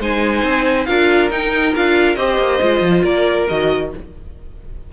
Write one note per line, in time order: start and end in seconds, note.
0.00 0.43 G#3
0.00 0.87 D#4
0.00 0.88 C5
0.00 0.86 G#5
0.43 0.87 C4
0.86 1.32 D4
0.86 1.30 F4
0.86 2.18 A#4
0.86 1.29 F5
1.30 1.73 D#4
1.30 1.75 D#4
1.30 1.75 G5
1.76 2.17 D4
1.76 2.17 F4
1.76 2.16 F5
2.16 2.38 C4
2.16 2.61 G4
2.16 3.04 C5
2.16 3.03 D#5
2.38 2.60 A#3
2.61 2.82 G#3
2.61 3.48 F4
2.82 3.03 F3
3.04 3.48 A#3
3.04 3.91 A#4
3.04 3.48 D5
3.49 3.94 D#3
3.49 3.93 F#4
3.49 3.92 D#5